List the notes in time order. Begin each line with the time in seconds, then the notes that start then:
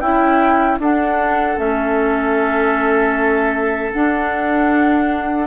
0.00 C#4 E4 G5
0.79 D4 A4 F#5
1.57 A3 C#4 E5
3.93 D4 F#5